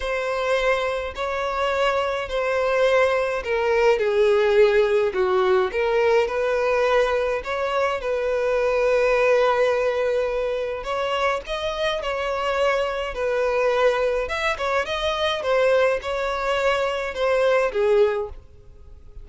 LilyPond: \new Staff \with { instrumentName = "violin" } { \time 4/4 \tempo 4 = 105 c''2 cis''2 | c''2 ais'4 gis'4~ | gis'4 fis'4 ais'4 b'4~ | b'4 cis''4 b'2~ |
b'2. cis''4 | dis''4 cis''2 b'4~ | b'4 e''8 cis''8 dis''4 c''4 | cis''2 c''4 gis'4 | }